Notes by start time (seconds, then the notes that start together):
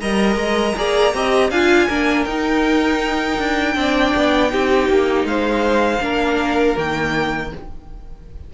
0.00 G3 A#4 D#5 A#5
0.36 G#3
0.76 A#3 G#4 D5
1.14 C4 G4 D#5
1.50 D4 F4 F5 G#5
1.88 A#3 D4 A#4
2.25 D#4 G5
3.38 D4
3.74 C4 D4 D5
4.15 B3
4.48 C4 D#4 G4
4.89 A#3
5.24 G#3 C5 F5
6.00 A#3 D4 A#4
6.76 D#3 A#3 G5